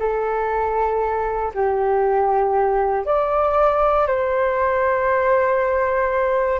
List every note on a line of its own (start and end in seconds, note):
0.00 1.53 A4
1.54 3.06 G4
3.06 4.07 D5
4.07 6.60 C5